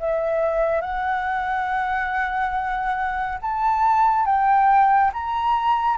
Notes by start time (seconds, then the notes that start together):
0.00 E5
0.82 F#5
3.42 A5
4.26 G5
5.14 A#5